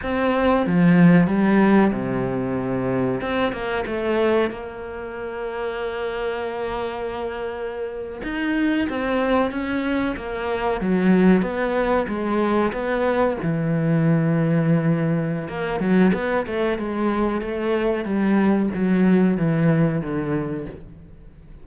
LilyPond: \new Staff \with { instrumentName = "cello" } { \time 4/4 \tempo 4 = 93 c'4 f4 g4 c4~ | c4 c'8 ais8 a4 ais4~ | ais1~ | ais8. dis'4 c'4 cis'4 ais16~ |
ais8. fis4 b4 gis4 b16~ | b8. e2.~ e16 | ais8 fis8 b8 a8 gis4 a4 | g4 fis4 e4 d4 | }